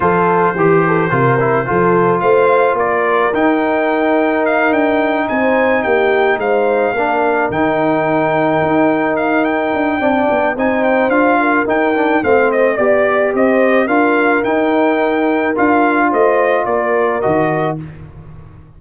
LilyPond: <<
  \new Staff \with { instrumentName = "trumpet" } { \time 4/4 \tempo 4 = 108 c''1 | f''4 d''4 g''2 | f''8 g''4 gis''4 g''4 f''8~ | f''4. g''2~ g''8~ |
g''8 f''8 g''2 gis''8 g''8 | f''4 g''4 f''8 dis''8 d''4 | dis''4 f''4 g''2 | f''4 dis''4 d''4 dis''4 | }
  \new Staff \with { instrumentName = "horn" } { \time 4/4 a'4 g'8 a'8 ais'4 a'4 | c''4 ais'2.~ | ais'4. c''4 g'4 c''8~ | c''8 ais'2.~ ais'8~ |
ais'2 d''4 c''4~ | c''8 ais'4. c''4 d''4 | c''4 ais'2.~ | ais'4 c''4 ais'2 | }
  \new Staff \with { instrumentName = "trombone" } { \time 4/4 f'4 g'4 f'8 e'8 f'4~ | f'2 dis'2~ | dis'1~ | dis'8 d'4 dis'2~ dis'8~ |
dis'2 d'4 dis'4 | f'4 dis'8 d'8 c'4 g'4~ | g'4 f'4 dis'2 | f'2. fis'4 | }
  \new Staff \with { instrumentName = "tuba" } { \time 4/4 f4 e4 c4 f4 | a4 ais4 dis'2~ | dis'8 d'4 c'4 ais4 gis8~ | gis8 ais4 dis2 dis'8~ |
dis'4. d'8 c'8 b8 c'4 | d'4 dis'4 a4 b4 | c'4 d'4 dis'2 | d'4 a4 ais4 dis4 | }
>>